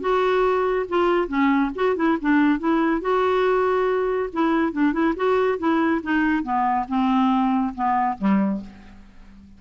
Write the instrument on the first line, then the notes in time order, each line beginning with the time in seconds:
clarinet
0.00 F#4
0.88 F4
1.28 C#4
1.75 F#4
1.96 E4
2.21 D4
2.59 E4
3.01 F#4
4.32 E4
4.72 D4
4.92 E4
5.16 F#4
5.58 E4
6.03 D#4
6.43 B3
6.88 C4
7.74 B3
8.18 G3